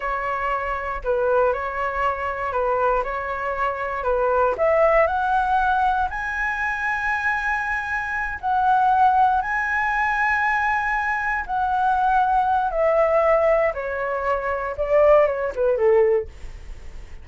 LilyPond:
\new Staff \with { instrumentName = "flute" } { \time 4/4 \tempo 4 = 118 cis''2 b'4 cis''4~ | cis''4 b'4 cis''2 | b'4 e''4 fis''2 | gis''1~ |
gis''8 fis''2 gis''4.~ | gis''2~ gis''8 fis''4.~ | fis''4 e''2 cis''4~ | cis''4 d''4 cis''8 b'8 a'4 | }